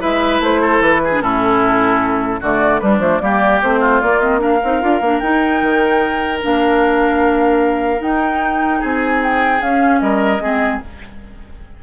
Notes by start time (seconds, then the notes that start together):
0.00 G#3 E4 B4 E5
0.40 A3 C5
0.62 A4
0.80 E3 B4
1.04 G#4
1.11 D4
1.21 A2 C#4 E4 A4
2.40 D3 A3 F#4 D5
2.80 G3 D4 B4
2.99 F3 A3 C5
3.20 G3 A#3 G4 D5
3.62 A3 C4 C5
3.80 F4
4.01 A#3 D5
4.21 C4 D#5
4.39 D4 A#4 F5
4.64 C4 D#4
4.81 D4 F4
5.01 A#3 D4
5.20 D#4 G5
5.62 D#3
6.41 A#3 D4 F5
7.99 D#4 G5
8.80 C4 G#4 G#5
9.23 G5
9.61 C#4 F5
10.01 G3 A#4 D#5
10.40 G#3 C4 G#4